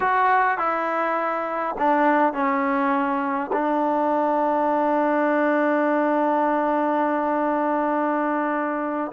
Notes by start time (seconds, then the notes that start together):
0.00 F#4
0.57 E4
1.78 D4
2.33 C#4
3.53 D4